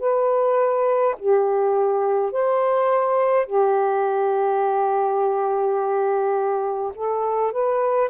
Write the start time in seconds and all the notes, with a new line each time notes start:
0.00 B4
1.19 G4
2.32 C5
3.46 G4
6.95 A4
7.52 B4